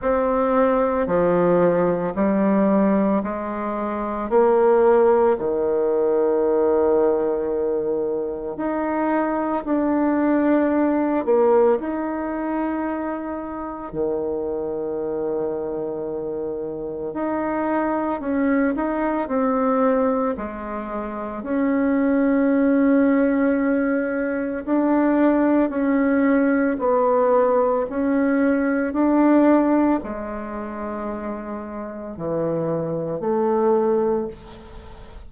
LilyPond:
\new Staff \with { instrumentName = "bassoon" } { \time 4/4 \tempo 4 = 56 c'4 f4 g4 gis4 | ais4 dis2. | dis'4 d'4. ais8 dis'4~ | dis'4 dis2. |
dis'4 cis'8 dis'8 c'4 gis4 | cis'2. d'4 | cis'4 b4 cis'4 d'4 | gis2 e4 a4 | }